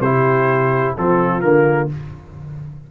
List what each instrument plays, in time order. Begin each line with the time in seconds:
0.00 tuba C3, trombone E4, horn G4, trumpet C5
0.97 tuba F3, trombone C4, horn F4, trumpet A4
1.41 tuba D3, trombone A#3, trumpet A#4